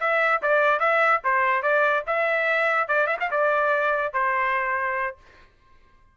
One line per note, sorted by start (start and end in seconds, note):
0.00 0.41 E5
0.42 0.79 D5
0.79 1.21 E5
1.24 1.62 C5
1.62 2.03 D5
2.07 2.88 E5
2.88 3.07 D5
3.07 3.17 E5
3.20 3.30 F5
3.31 4.13 D5
4.13 5.16 C5